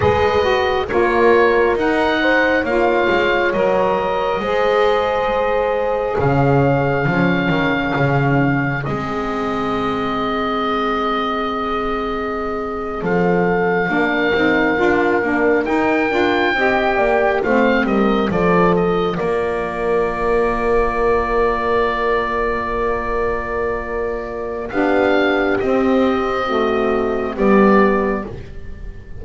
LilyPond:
<<
  \new Staff \with { instrumentName = "oboe" } { \time 4/4 \tempo 4 = 68 dis''4 cis''4 fis''4 f''4 | dis''2. f''4~ | f''2 dis''2~ | dis''2~ dis''8. f''4~ f''16~ |
f''4.~ f''16 g''2 f''16~ | f''16 dis''8 d''8 dis''8 d''2~ d''16~ | d''1 | f''4 dis''2 d''4 | }
  \new Staff \with { instrumentName = "horn" } { \time 4/4 b'4 ais'4. c''8 cis''4~ | cis''4 c''2 cis''4 | gis'1~ | gis'2~ gis'8. a'4 ais'16~ |
ais'2~ ais'8. dis''8 d''8 c''16~ | c''16 ais'8 a'4 ais'2~ ais'16~ | ais'1 | g'2 fis'4 g'4 | }
  \new Staff \with { instrumentName = "saxophone" } { \time 4/4 gis'8 fis'8 f'4 dis'4 f'4 | ais'4 gis'2. | cis'2 c'2~ | c'2.~ c'8. d'16~ |
d'16 dis'8 f'8 d'8 dis'8 f'8 g'4 c'16~ | c'8. f'2.~ f'16~ | f'1 | d'4 c'4 a4 b4 | }
  \new Staff \with { instrumentName = "double bass" } { \time 4/4 gis4 ais4 dis'4 ais8 gis8 | fis4 gis2 cis4 | f8 dis8 cis4 gis2~ | gis2~ gis8. f4 ais16~ |
ais16 c'8 d'8 ais8 dis'8 d'8 c'8 ais8 a16~ | a16 g8 f4 ais2~ ais16~ | ais1 | b4 c'2 g4 | }
>>